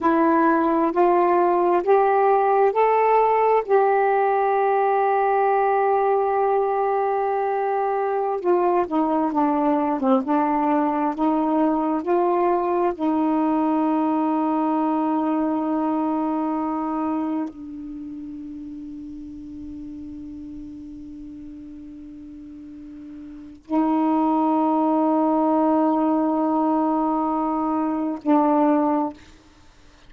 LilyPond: \new Staff \with { instrumentName = "saxophone" } { \time 4/4 \tempo 4 = 66 e'4 f'4 g'4 a'4 | g'1~ | g'4~ g'16 f'8 dis'8 d'8. c'16 d'8.~ | d'16 dis'4 f'4 dis'4.~ dis'16~ |
dis'2.~ dis'16 d'8.~ | d'1~ | d'2 dis'2~ | dis'2. d'4 | }